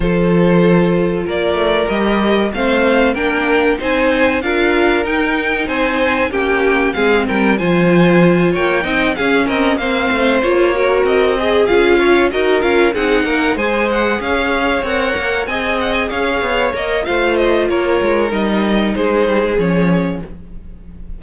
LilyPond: <<
  \new Staff \with { instrumentName = "violin" } { \time 4/4 \tempo 4 = 95 c''2 d''4 dis''4 | f''4 g''4 gis''4 f''4 | g''4 gis''4 g''4 f''8 g''8 | gis''4. g''4 f''8 dis''8 f''8~ |
f''8 cis''4 dis''4 f''4 dis''8 | f''8 fis''4 gis''8 fis''8 f''4 fis''8~ | fis''8 gis''8 fis''16 gis''16 f''4 dis''8 f''8 dis''8 | cis''4 dis''4 c''4 cis''4 | }
  \new Staff \with { instrumentName = "violin" } { \time 4/4 a'2 ais'2 | c''4 ais'4 c''4 ais'4~ | ais'4 c''4 g'4 gis'8 ais'8 | c''4. cis''8 dis''8 gis'8 ais'8 c''8~ |
c''4 ais'4 gis'4 cis''8 ais'8~ | ais'8 gis'8 ais'8 c''4 cis''4.~ | cis''8 dis''4 cis''4. c''4 | ais'2 gis'2 | }
  \new Staff \with { instrumentName = "viola" } { \time 4/4 f'2. g'4 | c'4 d'4 dis'4 f'4 | dis'2 cis'4 c'4 | f'2 dis'8 cis'4 c'8~ |
c'8 f'8 fis'4 gis'8 f'4 fis'8 | f'8 dis'4 gis'2 ais'8~ | ais'8 gis'2 ais'8 f'4~ | f'4 dis'2 cis'4 | }
  \new Staff \with { instrumentName = "cello" } { \time 4/4 f2 ais8 a8 g4 | a4 ais4 c'4 d'4 | dis'4 c'4 ais4 gis8 g8 | f4. ais8 c'8 cis'8 c'8 ais8 |
a8 ais4 c'4 cis'4 dis'8 | cis'8 c'8 ais8 gis4 cis'4 c'8 | ais8 c'4 cis'8 b8 ais8 a4 | ais8 gis8 g4 gis8 g16 gis16 f4 | }
>>